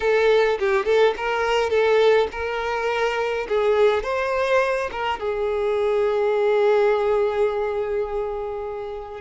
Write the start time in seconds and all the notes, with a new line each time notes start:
0.00 A4
0.59 G4
0.85 A4
1.16 A#4
1.70 A4
2.31 A#4
3.48 G#4
4.03 C5
4.91 A#4
5.19 G#4